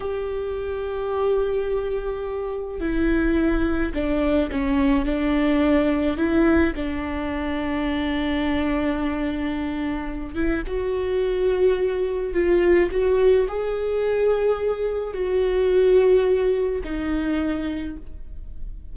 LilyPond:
\new Staff \with { instrumentName = "viola" } { \time 4/4 \tempo 4 = 107 g'1~ | g'4 e'2 d'4 | cis'4 d'2 e'4 | d'1~ |
d'2~ d'8 e'8 fis'4~ | fis'2 f'4 fis'4 | gis'2. fis'4~ | fis'2 dis'2 | }